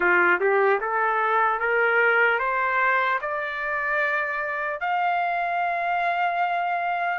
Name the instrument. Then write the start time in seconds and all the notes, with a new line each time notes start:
trumpet
0.00 F4
0.40 G4
0.80 A4
1.59 A#4
2.39 C5
3.21 D5
4.80 F5